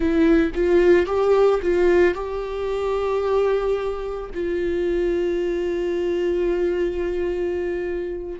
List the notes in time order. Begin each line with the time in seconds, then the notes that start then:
0.00 E4
0.54 F4
1.06 G4
1.62 F4
2.14 G4
4.34 F4